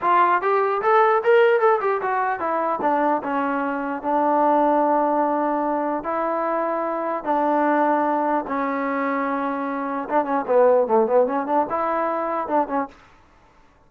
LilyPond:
\new Staff \with { instrumentName = "trombone" } { \time 4/4 \tempo 4 = 149 f'4 g'4 a'4 ais'4 | a'8 g'8 fis'4 e'4 d'4 | cis'2 d'2~ | d'2. e'4~ |
e'2 d'2~ | d'4 cis'2.~ | cis'4 d'8 cis'8 b4 a8 b8 | cis'8 d'8 e'2 d'8 cis'8 | }